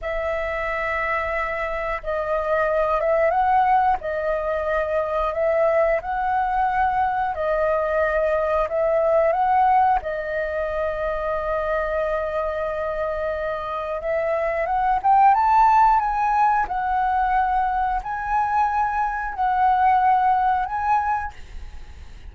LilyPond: \new Staff \with { instrumentName = "flute" } { \time 4/4 \tempo 4 = 90 e''2. dis''4~ | dis''8 e''8 fis''4 dis''2 | e''4 fis''2 dis''4~ | dis''4 e''4 fis''4 dis''4~ |
dis''1~ | dis''4 e''4 fis''8 g''8 a''4 | gis''4 fis''2 gis''4~ | gis''4 fis''2 gis''4 | }